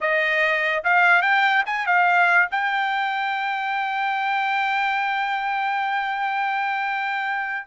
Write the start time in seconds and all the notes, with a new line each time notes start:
0.00 D#5
0.84 F5
1.22 G5
1.66 G#5
1.86 F5
2.51 G5